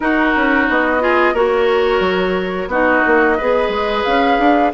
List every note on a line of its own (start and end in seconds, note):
0.00 0.34 D#4
0.00 1.00 D#4
0.00 1.02 F#4
0.00 0.67 A#4
0.35 0.69 C#4
0.69 1.33 B3
0.69 1.35 D#5
1.00 1.34 F4
1.00 1.34 G#4
1.33 2.00 A#3
1.33 2.69 F#4
1.33 2.68 A#4
1.33 2.70 C#5
2.00 2.67 F#3
2.67 3.00 B3
2.67 3.37 D#4
2.67 3.37 F#4
2.67 4.04 D#5
3.06 3.39 A#3
3.37 3.68 B3
3.37 4.73 G#4
3.37 4.72 B4
3.68 4.02 G#3
4.04 4.38 C#4
4.04 4.71 F5
4.38 4.72 D4